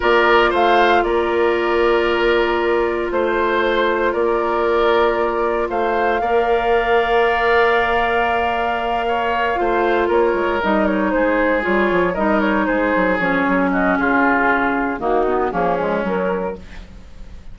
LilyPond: <<
  \new Staff \with { instrumentName = "flute" } { \time 4/4 \tempo 4 = 116 d''4 f''4 d''2~ | d''2 c''2 | d''2. f''4~ | f''1~ |
f''2.~ f''8 cis''8~ | cis''8 dis''8 cis''8 c''4 cis''4 dis''8 | cis''8 c''4 cis''4 dis''8 gis'4~ | gis'4 fis'4 gis'4 ais'4 | }
  \new Staff \with { instrumentName = "oboe" } { \time 4/4 ais'4 c''4 ais'2~ | ais'2 c''2 | ais'2. c''4 | d''1~ |
d''4. cis''4 c''4 ais'8~ | ais'4. gis'2 ais'8~ | ais'8 gis'2 fis'8 f'4~ | f'4 dis'4 cis'2 | }
  \new Staff \with { instrumentName = "clarinet" } { \time 4/4 f'1~ | f'1~ | f'1 | ais'1~ |
ais'2~ ais'8 f'4.~ | f'8 dis'2 f'4 dis'8~ | dis'4. cis'2~ cis'8~ | cis'4 ais8 b8 ais8 gis8 fis4 | }
  \new Staff \with { instrumentName = "bassoon" } { \time 4/4 ais4 a4 ais2~ | ais2 a2 | ais2. a4 | ais1~ |
ais2~ ais8 a4 ais8 | gis8 g4 gis4 g8 f8 g8~ | g8 gis8 fis8 f8 fis4 cis4~ | cis4 dis4 f4 fis4 | }
>>